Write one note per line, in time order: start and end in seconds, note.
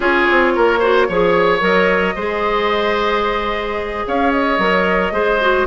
0.00 0.26 C#4
0.00 0.80 F4
0.00 0.53 G#4
0.00 1.63 C#5
0.30 0.57 C4
0.55 1.08 A#3
0.55 0.79 A#4
0.79 1.08 F#4
0.79 1.06 C5
1.08 1.61 F3
1.08 1.60 G#4
1.08 2.15 C#5
1.60 2.15 F#3
1.60 2.14 A#4
1.60 4.06 D#5
2.15 4.05 G#3
2.15 4.60 G#4
2.15 4.04 C5
4.07 4.58 C#4
4.07 5.13 C#5
4.07 4.31 F5
4.31 5.66 D#5
4.58 5.11 F#3
4.58 5.12 A#4
5.11 5.65 G#3
5.11 5.39 G#4
5.11 5.66 C5
5.40 5.66 F#4